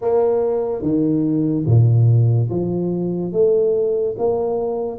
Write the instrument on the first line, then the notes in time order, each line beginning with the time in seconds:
tuba
0.01 A#3
0.81 D#3
1.66 A#2
2.50 F3
3.32 A3
4.18 A#3